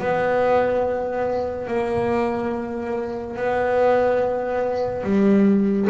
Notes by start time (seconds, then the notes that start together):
0.00 B3
1.67 A#3
3.36 B3
5.04 G3